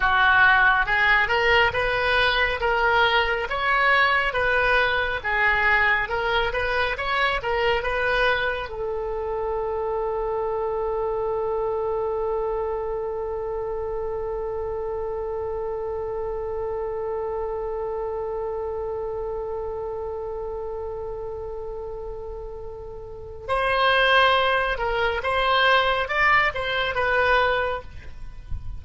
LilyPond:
\new Staff \with { instrumentName = "oboe" } { \time 4/4 \tempo 4 = 69 fis'4 gis'8 ais'8 b'4 ais'4 | cis''4 b'4 gis'4 ais'8 b'8 | cis''8 ais'8 b'4 a'2~ | a'1~ |
a'1~ | a'1~ | a'2. c''4~ | c''8 ais'8 c''4 d''8 c''8 b'4 | }